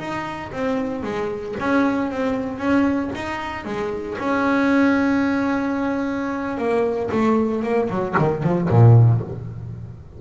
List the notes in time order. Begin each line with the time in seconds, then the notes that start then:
0.00 D#4
0.52 C4
1.03 G#3
1.60 C#4
2.11 C4
2.59 C#4
3.15 D#4
3.65 G#3
4.19 C#4
6.58 A#3
7.12 A3
7.63 A#3
7.90 F#3
8.19 D#3
8.43 F3
8.70 A#2